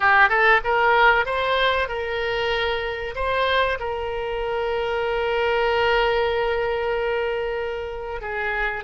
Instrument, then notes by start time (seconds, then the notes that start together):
oboe
0.00 G4
0.29 A4
0.63 A#4
1.25 C5
1.88 A#4
3.15 C5
3.79 A#4
8.21 G#4